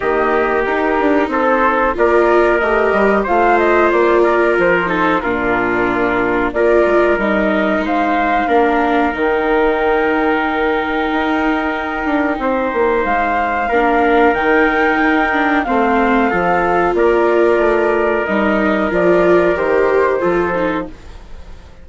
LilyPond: <<
  \new Staff \with { instrumentName = "flute" } { \time 4/4 \tempo 4 = 92 dis''4 ais'4 c''4 d''4 | dis''4 f''8 dis''8 d''4 c''4 | ais'2 d''4 dis''4 | f''2 g''2~ |
g''1 | f''2 g''2 | f''2 d''2 | dis''4 d''4 c''2 | }
  \new Staff \with { instrumentName = "trumpet" } { \time 4/4 g'2 a'4 ais'4~ | ais'4 c''4. ais'4 a'8 | f'2 ais'2 | c''4 ais'2.~ |
ais'2. c''4~ | c''4 ais'2. | c''4 a'4 ais'2~ | ais'2. a'4 | }
  \new Staff \with { instrumentName = "viola" } { \time 4/4 ais4 dis'2 f'4 | g'4 f'2~ f'8 dis'8 | d'2 f'4 dis'4~ | dis'4 d'4 dis'2~ |
dis'1~ | dis'4 d'4 dis'4. d'8 | c'4 f'2. | dis'4 f'4 g'4 f'8 dis'8 | }
  \new Staff \with { instrumentName = "bassoon" } { \time 4/4 dis4 dis'8 d'8 c'4 ais4 | a8 g8 a4 ais4 f4 | ais,2 ais8 gis8 g4 | gis4 ais4 dis2~ |
dis4 dis'4. d'8 c'8 ais8 | gis4 ais4 dis4 dis'4 | a4 f4 ais4 a4 | g4 f4 dis4 f4 | }
>>